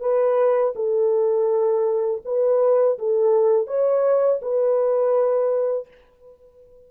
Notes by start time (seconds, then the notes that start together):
0.00 B4
0.75 A4
2.25 B4
2.99 A4
3.67 C#5
4.41 B4